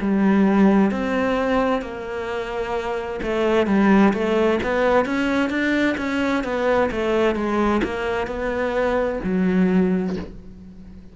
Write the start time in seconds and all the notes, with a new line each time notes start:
0.00 G3
0.91 C4
1.82 A#3
3.22 A3
3.66 G3
4.13 A3
4.63 B3
5.05 C#4
5.49 D4
5.97 C#4
6.44 B3
6.91 A3
7.35 G#3
7.83 A#3
8.27 B3
9.23 F#3